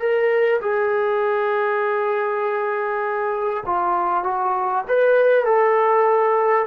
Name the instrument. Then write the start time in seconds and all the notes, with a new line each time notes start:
trombone
0.00 A#4
0.61 G#4
3.66 F4
4.24 F#4
4.89 B4
5.45 A4